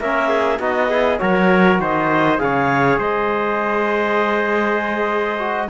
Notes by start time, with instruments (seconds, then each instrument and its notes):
0.00 cello A#3, trombone C#4, trumpet A#4, clarinet E5
0.29 trumpet G#4
0.59 cello B3, trombone D#4, trumpet F#4, clarinet D#5
0.90 trombone E4, trumpet G#4
1.19 cello F#3, trombone F#4, trumpet A#4, clarinet C#5
1.79 cello D#3, trumpet C5, clarinet D#5
2.38 cello C#3, trombone G#4, trumpet C#5, clarinet F5
2.98 cello G#3, trumpet C5, clarinet D#5
5.39 trombone F#4